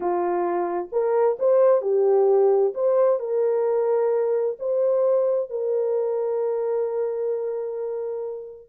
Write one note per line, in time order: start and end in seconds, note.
0.00 0.88 F4
0.91 1.37 A#4
1.39 1.81 C5
1.81 2.73 G4
2.74 3.19 C5
3.19 4.57 A#4
4.59 5.49 C5
5.49 8.69 A#4